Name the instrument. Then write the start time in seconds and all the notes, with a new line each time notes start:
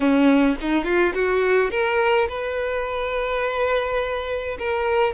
violin
0.00 C#4
0.60 D#4
0.84 F4
1.14 F#4
1.70 A#4
2.29 B4
4.58 A#4